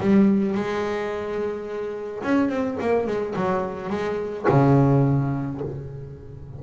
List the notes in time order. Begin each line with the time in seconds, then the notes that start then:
0.00 G3
0.54 G#3
2.23 C#4
2.49 C4
2.80 A#3
3.06 G#3
3.35 F#3
3.89 G#3
4.49 C#3